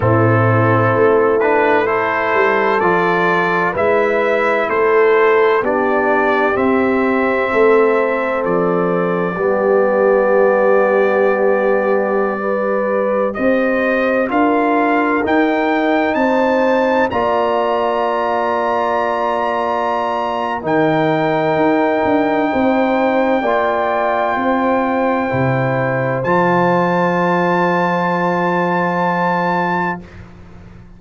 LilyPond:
<<
  \new Staff \with { instrumentName = "trumpet" } { \time 4/4 \tempo 4 = 64 a'4. b'8 c''4 d''4 | e''4 c''4 d''4 e''4~ | e''4 d''2.~ | d''2~ d''16 dis''4 f''8.~ |
f''16 g''4 a''4 ais''4.~ ais''16~ | ais''2 g''2~ | g''1 | a''1 | }
  \new Staff \with { instrumentName = "horn" } { \time 4/4 e'2 a'2 | b'4 a'4 g'2 | a'2 g'2~ | g'4~ g'16 b'4 c''4 ais'8.~ |
ais'4~ ais'16 c''4 d''4.~ d''16~ | d''2 ais'2 | c''4 d''4 c''2~ | c''1 | }
  \new Staff \with { instrumentName = "trombone" } { \time 4/4 c'4. d'8 e'4 f'4 | e'2 d'4 c'4~ | c'2 b2~ | b4~ b16 g'2 f'8.~ |
f'16 dis'2 f'4.~ f'16~ | f'2 dis'2~ | dis'4 f'2 e'4 | f'1 | }
  \new Staff \with { instrumentName = "tuba" } { \time 4/4 a,4 a4. g8 f4 | gis4 a4 b4 c'4 | a4 f4 g2~ | g2~ g16 c'4 d'8.~ |
d'16 dis'4 c'4 ais4.~ ais16~ | ais2 dis4 dis'8 d'8 | c'4 ais4 c'4 c4 | f1 | }
>>